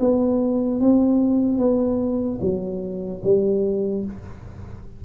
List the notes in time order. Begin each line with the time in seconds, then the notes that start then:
0.00 B3
0.80 C4
1.58 B3
2.41 F#3
3.24 G3